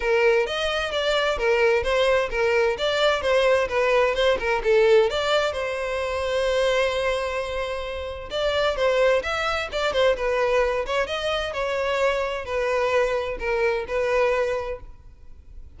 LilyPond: \new Staff \with { instrumentName = "violin" } { \time 4/4 \tempo 4 = 130 ais'4 dis''4 d''4 ais'4 | c''4 ais'4 d''4 c''4 | b'4 c''8 ais'8 a'4 d''4 | c''1~ |
c''2 d''4 c''4 | e''4 d''8 c''8 b'4. cis''8 | dis''4 cis''2 b'4~ | b'4 ais'4 b'2 | }